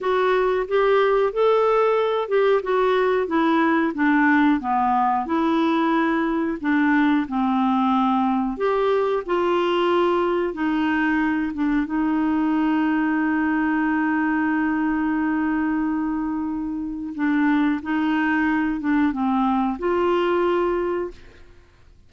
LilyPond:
\new Staff \with { instrumentName = "clarinet" } { \time 4/4 \tempo 4 = 91 fis'4 g'4 a'4. g'8 | fis'4 e'4 d'4 b4 | e'2 d'4 c'4~ | c'4 g'4 f'2 |
dis'4. d'8 dis'2~ | dis'1~ | dis'2 d'4 dis'4~ | dis'8 d'8 c'4 f'2 | }